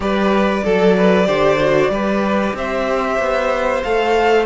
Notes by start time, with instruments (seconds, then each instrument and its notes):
0.00 cello G3, viola G4, violin B4 D5
0.64 cello F#3, violin A4, viola A4
0.96 violin B4
1.25 cello D3, viola G4, violin C5
1.60 viola F#4
1.89 cello G3, viola G4, violin B4
2.54 cello C4, violin C5 E5
3.18 cello B3
3.83 cello A3, viola A4, violin F5